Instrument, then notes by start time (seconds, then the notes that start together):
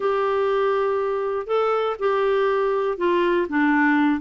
clarinet
0.00 G4
1.47 A4
1.99 G4
2.97 F4
3.48 D4